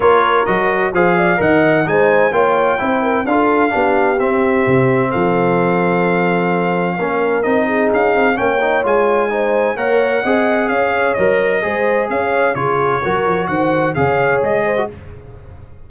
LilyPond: <<
  \new Staff \with { instrumentName = "trumpet" } { \time 4/4 \tempo 4 = 129 cis''4 dis''4 f''4 fis''4 | gis''4 g''2 f''4~ | f''4 e''2 f''4~ | f''1 |
dis''4 f''4 g''4 gis''4~ | gis''4 fis''2 f''4 | dis''2 f''4 cis''4~ | cis''4 fis''4 f''4 dis''4 | }
  \new Staff \with { instrumentName = "horn" } { \time 4/4 ais'2 c''8 d''8 dis''4 | c''4 cis''4 c''8 ais'8 a'4 | g'2. a'4~ | a'2. ais'4~ |
ais'8 gis'4. cis''2 | c''4 cis''4 dis''4 cis''4~ | cis''4 c''4 cis''4 gis'4 | ais'4 c''4 cis''4. c''8 | }
  \new Staff \with { instrumentName = "trombone" } { \time 4/4 f'4 fis'4 gis'4 ais'4 | dis'4 f'4 e'4 f'4 | d'4 c'2.~ | c'2. cis'4 |
dis'2 cis'8 dis'8 f'4 | dis'4 ais'4 gis'2 | ais'4 gis'2 f'4 | fis'2 gis'4.~ gis'16 fis'16 | }
  \new Staff \with { instrumentName = "tuba" } { \time 4/4 ais4 fis4 f4 dis4 | gis4 ais4 c'4 d'4 | b4 c'4 c4 f4~ | f2. ais4 |
c'4 cis'8 c'8 ais4 gis4~ | gis4 ais4 c'4 cis'4 | fis4 gis4 cis'4 cis4 | fis8 f8 dis4 cis4 gis4 | }
>>